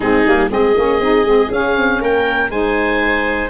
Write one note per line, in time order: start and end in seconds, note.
0.00 0.25 G#3
0.00 0.26 C4
0.00 0.49 D#4
0.00 0.49 G#4
0.25 0.50 G3
0.25 0.50 A#3
0.50 0.76 G#3
0.50 0.75 C4
0.50 2.00 G#4
0.50 1.52 D#5
0.76 1.00 A#3
0.76 1.01 C#4
1.00 1.23 C4
1.00 1.25 D#4
1.23 1.48 G#3
1.23 1.50 C4
1.50 2.50 C#4
1.50 1.75 C#4
1.50 2.02 F5
1.75 2.00 C4
2.00 2.49 A#3
2.00 2.50 A#4
2.00 2.50 G5
2.49 3.49 G#3
2.49 3.49 D#4
2.49 3.49 C5
2.49 3.49 G#5